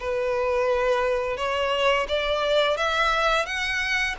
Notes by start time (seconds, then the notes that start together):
0.00 B4
1.37 C#5
2.08 D5
2.77 E5
3.46 F#5